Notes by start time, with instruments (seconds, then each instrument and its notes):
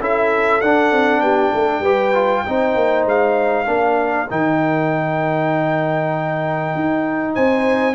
0.00 tuba C#4, trombone E4, horn A4, trumpet E5
0.61 tuba D4, trombone D4, trumpet F#5
0.92 tuba C4
1.21 tuba B3, horn G4, trumpet G5
1.54 tuba A3, horn A4
1.80 tuba G3, trombone G4, horn B4
2.15 trombone F4
2.46 tuba C4, trombone D#4, horn C5
2.76 tuba A#3
3.05 tuba G#3, trumpet F5
3.66 tuba A#3, trombone D4, horn A#4
4.30 tuba D#3, trombone D#4, trumpet G5
6.75 tuba D#4
7.34 tuba C4, horn C5, trumpet G#5